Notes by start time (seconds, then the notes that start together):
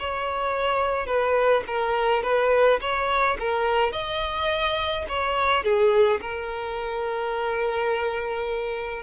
0.00 C#5
1.07 B4
1.68 A#4
2.24 B4
2.81 C#5
3.40 A#4
3.93 D#5
5.09 C#5
5.64 G#4
6.22 A#4